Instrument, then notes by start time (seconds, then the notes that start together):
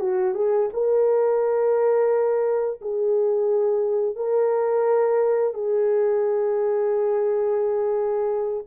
horn
0.00 F#4
0.34 G#4
0.73 A#4
2.81 G#4
4.16 A#4
5.54 G#4